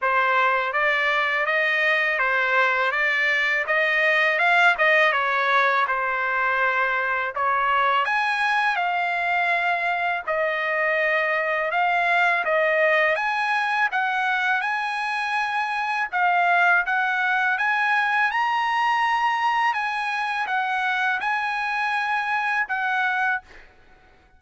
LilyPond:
\new Staff \with { instrumentName = "trumpet" } { \time 4/4 \tempo 4 = 82 c''4 d''4 dis''4 c''4 | d''4 dis''4 f''8 dis''8 cis''4 | c''2 cis''4 gis''4 | f''2 dis''2 |
f''4 dis''4 gis''4 fis''4 | gis''2 f''4 fis''4 | gis''4 ais''2 gis''4 | fis''4 gis''2 fis''4 | }